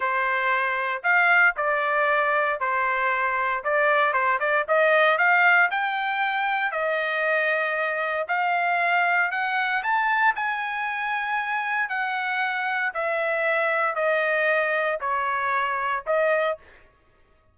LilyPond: \new Staff \with { instrumentName = "trumpet" } { \time 4/4 \tempo 4 = 116 c''2 f''4 d''4~ | d''4 c''2 d''4 | c''8 d''8 dis''4 f''4 g''4~ | g''4 dis''2. |
f''2 fis''4 a''4 | gis''2. fis''4~ | fis''4 e''2 dis''4~ | dis''4 cis''2 dis''4 | }